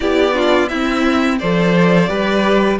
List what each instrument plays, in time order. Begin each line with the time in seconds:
0.00 cello B3, viola E4, violin G4 D5
0.33 viola D4, violin F4
0.68 cello C4, viola C4, violin E4 E5
1.39 cello F3, viola A4, violin C5 D5
2.07 cello G3, viola G4, violin B4